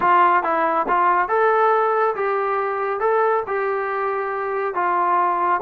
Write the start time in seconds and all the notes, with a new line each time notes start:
0.00 F4
0.43 E4
0.88 F4
1.28 A4
2.15 G4
3.00 A4
3.46 G4
4.74 F4